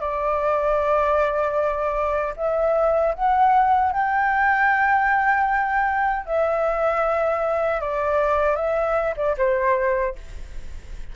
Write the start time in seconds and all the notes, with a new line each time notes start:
0.00 D5
2.36 E5
3.14 F#5
3.92 G5
6.26 E5
7.80 D5
8.55 E5
9.17 D5
9.37 C5